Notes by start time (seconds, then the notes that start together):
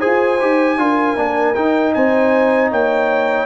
0.00 F4 G#4 C5 G#5
0.40 D#4 G4
0.77 D4 F4 A#4
1.17 A#3 D4
1.55 D#4 G5
1.94 C4 C5 G#5
2.71 A#3 C#5 G5